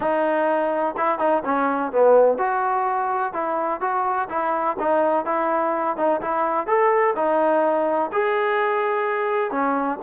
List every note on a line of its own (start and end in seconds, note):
0.00 0.95 D#4
0.97 1.19 E4
1.19 1.42 D#4
1.45 1.92 C#4
1.92 2.37 B3
2.37 3.33 F#4
3.33 3.81 E4
3.81 4.28 F#4
4.29 4.76 E4
4.79 5.25 D#4
5.25 5.96 E4
5.97 6.20 D#4
6.21 6.67 E4
6.67 7.14 A4
7.15 8.11 D#4
8.12 9.51 G#4
9.51 9.98 C#4